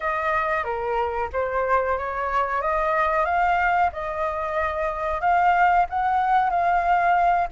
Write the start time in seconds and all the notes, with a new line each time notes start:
0.00 D#5
0.63 A#4
1.33 C5
1.97 C#5
2.61 D#5
3.25 F5
3.92 D#5
5.21 F5
5.89 F#5
6.50 F5